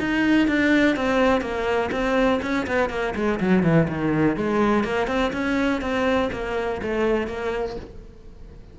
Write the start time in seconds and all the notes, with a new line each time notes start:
0.00 D#4
0.48 D4
0.96 C4
1.41 A#3
1.92 C4
2.42 C#4
2.67 B3
2.90 A#3
3.16 G#3
3.40 F#3
3.63 E3
3.88 D#3
4.37 G#3
4.84 A#3
5.07 C4
5.33 C#4
5.81 C4
6.33 A#3
6.82 A3
7.27 A#3